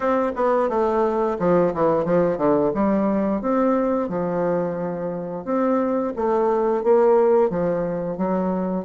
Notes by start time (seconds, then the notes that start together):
0.00 C4
0.35 B3
0.69 A3
1.39 F3
1.74 E3
2.05 F3
2.37 D3
2.74 G3
3.41 C4
4.08 F3
5.45 C4
6.15 A3
6.83 A#3
7.50 F3
8.17 F#3